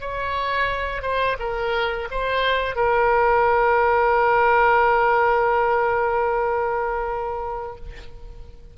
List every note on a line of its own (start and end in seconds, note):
0.00 1.02 C#5
1.02 1.36 C5
1.39 2.08 A#4
2.11 2.75 C5
2.75 7.75 A#4